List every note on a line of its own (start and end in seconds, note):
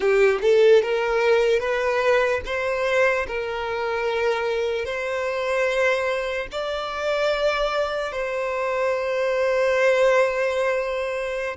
0.00 0.39 G4
0.41 0.82 A4
0.82 1.59 A#4
1.59 2.40 B4
2.45 3.26 C5
3.27 4.85 A#4
4.85 6.47 C5
6.51 8.12 D5
8.12 11.56 C5